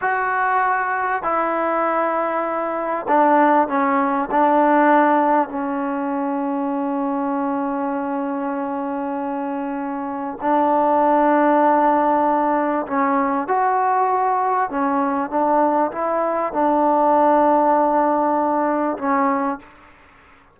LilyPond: \new Staff \with { instrumentName = "trombone" } { \time 4/4 \tempo 4 = 98 fis'2 e'2~ | e'4 d'4 cis'4 d'4~ | d'4 cis'2.~ | cis'1~ |
cis'4 d'2.~ | d'4 cis'4 fis'2 | cis'4 d'4 e'4 d'4~ | d'2. cis'4 | }